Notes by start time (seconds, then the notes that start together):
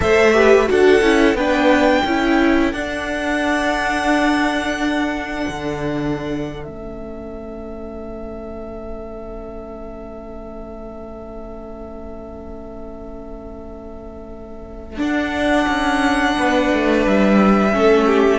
0.00 A3 A4 C5 E5
0.33 G4 B4
0.66 D4 F#4 A4 F#5
1.01 C#4 E4
1.34 B3 D4 B4 G5
2.04 C#4 E4 A4
2.73 D4 F#5
5.48 D3
6.63 A3 C#4 E5
14.96 D4 F#5
15.67 C#4
16.37 B3 B4
16.73 A3
17.06 G3 E5
17.72 A3 C#4 A4
18.07 G4